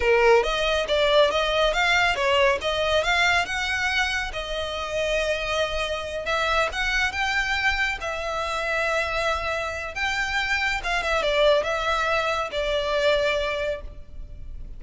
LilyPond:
\new Staff \with { instrumentName = "violin" } { \time 4/4 \tempo 4 = 139 ais'4 dis''4 d''4 dis''4 | f''4 cis''4 dis''4 f''4 | fis''2 dis''2~ | dis''2~ dis''8 e''4 fis''8~ |
fis''8 g''2 e''4.~ | e''2. g''4~ | g''4 f''8 e''8 d''4 e''4~ | e''4 d''2. | }